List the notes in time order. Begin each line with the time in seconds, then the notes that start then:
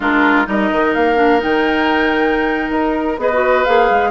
0.00 G#3 D4 F4 A#4
0.45 G3 D#4 A#4 D#5
0.71 D#3
0.93 A#3 F5
1.16 D4
1.39 D#3 D#4 G5
2.70 D#4 A#4
3.17 B3 G#4 B4 D#5
3.32 F#4
3.64 A#3 G#4 F5
3.90 G#3